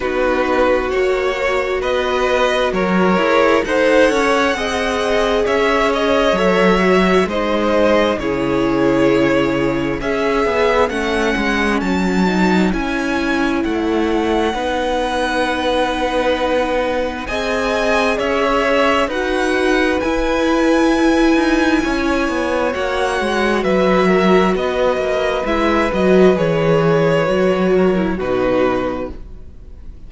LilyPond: <<
  \new Staff \with { instrumentName = "violin" } { \time 4/4 \tempo 4 = 66 b'4 cis''4 dis''4 cis''4 | fis''2 e''8 dis''8 e''4 | dis''4 cis''2 e''4 | fis''4 a''4 gis''4 fis''4~ |
fis''2. gis''4 | e''4 fis''4 gis''2~ | gis''4 fis''4 e''4 dis''4 | e''8 dis''8 cis''2 b'4 | }
  \new Staff \with { instrumentName = "violin" } { \time 4/4 fis'2 b'4 ais'4 | c''8 cis''8 dis''4 cis''2 | c''4 gis'2 cis''4~ | cis''1 |
b'2. dis''4 | cis''4 b'2. | cis''2 b'8 ais'8 b'4~ | b'2~ b'8 ais'8 fis'4 | }
  \new Staff \with { instrumentName = "viola" } { \time 4/4 dis'4 fis'2~ fis'8 gis'8 | a'4 gis'2 a'8 fis'8 | dis'4 e'2 gis'4 | cis'4. dis'8 e'2 |
dis'2. gis'4~ | gis'4 fis'4 e'2~ | e'4 fis'2. | e'8 fis'8 gis'4 fis'8. e'16 dis'4 | }
  \new Staff \with { instrumentName = "cello" } { \time 4/4 b4 ais4 b4 fis8 e'8 | dis'8 cis'8 c'4 cis'4 fis4 | gis4 cis2 cis'8 b8 | a8 gis8 fis4 cis'4 a4 |
b2. c'4 | cis'4 dis'4 e'4. dis'8 | cis'8 b8 ais8 gis8 fis4 b8 ais8 | gis8 fis8 e4 fis4 b,4 | }
>>